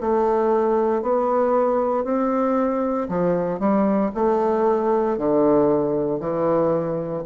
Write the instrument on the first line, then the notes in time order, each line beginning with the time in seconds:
bassoon
0.00 A3
1.02 B3
2.04 C4
3.08 F3
3.59 G3
4.14 A3
5.17 D3
6.19 E3